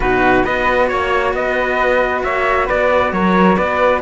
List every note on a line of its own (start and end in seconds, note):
0.00 0.42 B2
0.00 0.43 D#4
0.00 0.44 F#4
0.00 0.44 B4
0.43 0.91 B3
0.43 4.01 F#4
0.43 0.89 B4
0.43 0.87 D#5
0.87 1.33 A#3
0.87 1.32 C#5
0.87 1.35 C#5
1.33 2.22 B3
1.33 2.24 B4
1.33 2.23 D#5
2.23 2.68 A#3
2.23 2.66 C#5
2.23 2.68 E5
2.66 3.11 B3
2.66 3.10 B4
2.66 3.13 D5
3.11 3.56 F#3
3.11 3.56 A#4
3.11 3.57 C#5
3.56 4.02 B3
3.56 4.01 B4
3.56 4.02 D5